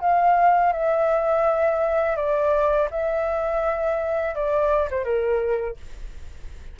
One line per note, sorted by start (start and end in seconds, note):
0.00 0.72 F5
0.72 2.16 E5
2.16 2.88 D5
2.90 4.34 E5
4.34 4.89 D5
4.90 5.04 C5
5.04 5.76 A#4